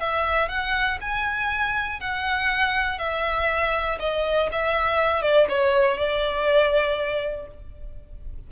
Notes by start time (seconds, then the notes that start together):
0.00 E5
0.49 F#5
1.01 G#5
2.01 F#5
2.99 E5
4.00 D#5
4.52 E5
5.22 D5
5.49 C#5
5.98 D5